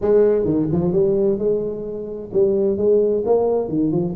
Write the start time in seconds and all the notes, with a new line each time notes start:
0.01 G#3
0.44 D#3
0.72 F3
0.92 G3
1.38 G#3
2.32 G3
2.77 G#3
3.25 A#3
3.68 D#3
3.91 F3